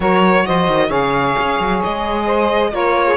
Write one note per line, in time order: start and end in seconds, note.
0.00 0.44 F#3
0.00 0.89 F#4
0.00 0.46 A#4
0.00 0.46 C#5
0.46 0.67 F3
0.46 0.88 C5
0.46 0.91 D#5
0.67 0.90 D#3
0.88 1.35 C#3
0.88 2.70 G#4
0.88 2.24 C#5
0.88 1.82 F5
1.38 1.59 C#4
1.59 1.82 F#3
1.83 2.72 G#3
1.83 2.74 D#5
2.26 2.71 C5
2.70 3.17 A#3
2.70 3.16 F4
2.70 3.07 A#4
2.70 3.17 C#5
3.07 3.17 G#4